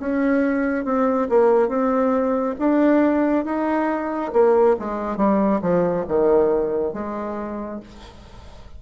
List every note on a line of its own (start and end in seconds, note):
0.00 0.85 C#4
0.85 1.28 C4
1.30 1.69 A#3
1.69 2.56 C4
2.59 3.45 D4
3.45 4.32 D#4
4.33 4.77 A#3
4.79 5.17 G#3
5.17 5.61 G3
5.62 6.06 F3
6.09 6.94 D#3
6.94 7.81 G#3